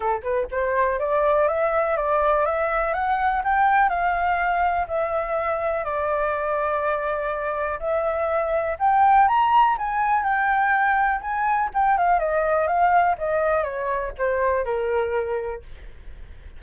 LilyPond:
\new Staff \with { instrumentName = "flute" } { \time 4/4 \tempo 4 = 123 a'8 b'8 c''4 d''4 e''4 | d''4 e''4 fis''4 g''4 | f''2 e''2 | d''1 |
e''2 g''4 ais''4 | gis''4 g''2 gis''4 | g''8 f''8 dis''4 f''4 dis''4 | cis''4 c''4 ais'2 | }